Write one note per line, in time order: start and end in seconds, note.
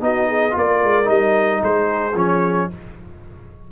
0.00 0.55 B3
0.00 0.50 D#4
0.00 0.27 F#4
0.00 0.57 D#5
0.27 0.54 G#4
0.50 0.82 A#3
0.50 1.04 F4
0.50 1.61 A#4
0.57 1.08 D5
0.82 1.08 G#3
1.04 1.62 G3
1.04 2.12 D#4
1.04 1.62 D#5
1.61 2.14 G#3
1.61 2.69 G#4
1.61 2.17 C5
2.14 2.68 F3
2.14 2.70 C#4
2.14 2.71 C#5